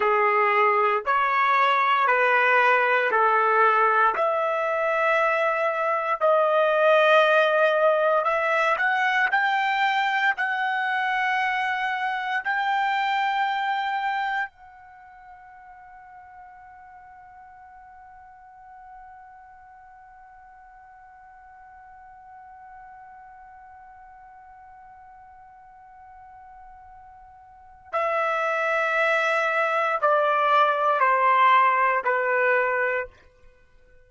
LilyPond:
\new Staff \with { instrumentName = "trumpet" } { \time 4/4 \tempo 4 = 58 gis'4 cis''4 b'4 a'4 | e''2 dis''2 | e''8 fis''8 g''4 fis''2 | g''2 fis''2~ |
fis''1~ | fis''1~ | fis''2. e''4~ | e''4 d''4 c''4 b'4 | }